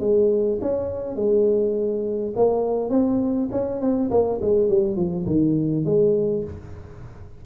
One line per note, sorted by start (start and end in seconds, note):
0.00 0.59 G#3
0.61 1.16 C#4
1.16 2.33 G#3
2.36 2.90 A#3
2.90 3.49 C4
3.51 3.81 C#4
3.81 4.10 C4
4.10 4.40 A#3
4.41 4.69 G#3
4.69 4.96 G3
4.96 5.26 F3
5.26 5.85 D#3
5.85 6.44 G#3